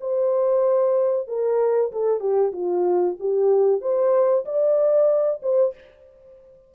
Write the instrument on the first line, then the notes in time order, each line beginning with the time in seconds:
horn
0.00 C5
1.28 A#4
1.92 A4
2.20 G4
2.52 F4
3.19 G4
3.81 C5
4.45 D5
5.42 C5